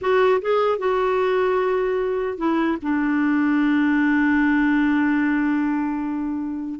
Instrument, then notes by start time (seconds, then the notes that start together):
clarinet
0.01 F#4
0.41 G#4
0.78 F#4
2.37 E4
2.82 D4